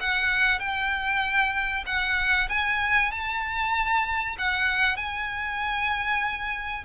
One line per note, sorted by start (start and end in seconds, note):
0.00 0.59 F#5
0.59 1.84 G5
1.86 2.48 F#5
2.49 3.11 G#5
3.11 4.36 A5
4.38 4.96 F#5
4.96 6.84 G#5